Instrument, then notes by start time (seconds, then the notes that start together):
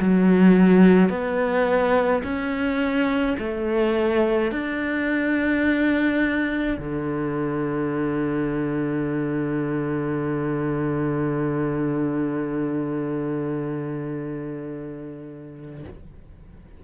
cello
0.00 F#3
1.10 B3
2.23 C#4
3.39 A3
4.52 D4
6.79 D3